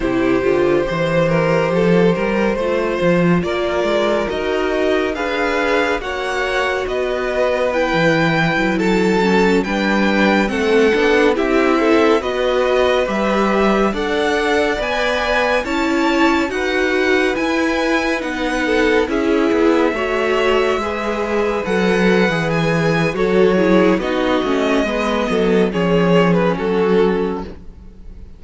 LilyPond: <<
  \new Staff \with { instrumentName = "violin" } { \time 4/4 \tempo 4 = 70 c''1 | d''4 dis''4 f''4 fis''4 | dis''4 g''4~ g''16 a''4 g''8.~ | g''16 fis''4 e''4 dis''4 e''8.~ |
e''16 fis''4 gis''4 a''4 fis''8.~ | fis''16 gis''4 fis''4 e''4.~ e''16~ | e''4~ e''16 fis''4 gis''8. cis''4 | dis''2 cis''8. b'16 a'4 | }
  \new Staff \with { instrumentName = "violin" } { \time 4/4 g'4 c''8 ais'8 a'8 ais'8 c''4 | ais'2 b'4 cis''4 | b'2~ b'16 a'4 b'8.~ | b'16 a'4 g'8 a'8 b'4.~ b'16~ |
b'16 d''2 cis''4 b'8.~ | b'4.~ b'16 a'8 gis'4 cis''8.~ | cis''16 b'2~ b'8. a'8 gis'8 | fis'4 b'8 a'8 gis'4 fis'4 | }
  \new Staff \with { instrumentName = "viola" } { \time 4/4 e'8 f'8 g'2 f'4~ | f'4 fis'4 gis'4 fis'4~ | fis'4 e'4.~ e'16 cis'8 d'8.~ | d'16 c'8 d'8 e'4 fis'4 g'8.~ |
g'16 a'4 b'4 e'4 fis'8.~ | fis'16 e'4 dis'4 e'4 fis'8.~ | fis'16 gis'4 a'8. gis'4 fis'8 e'8 | dis'8 cis'8 b4 cis'2 | }
  \new Staff \with { instrumentName = "cello" } { \time 4/4 c8 d8 e4 f8 g8 a8 f8 | ais8 gis8 dis'4 d'4 ais4 | b4~ b16 e8. fis4~ fis16 g8.~ | g16 a8 b8 c'4 b4 g8.~ |
g16 d'4 b4 cis'4 dis'8.~ | dis'16 e'4 b4 cis'8 b8 a8.~ | a16 gis4 fis8. e4 fis4 | b8 a8 gis8 fis8 f4 fis4 | }
>>